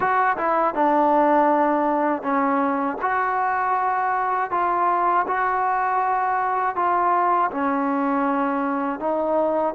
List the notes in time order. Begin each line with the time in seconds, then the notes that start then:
0.00 F#4
0.37 E4
0.74 D4
2.22 C#4
3.01 F#4
4.50 F4
5.27 F#4
6.75 F4
7.51 C#4
8.99 D#4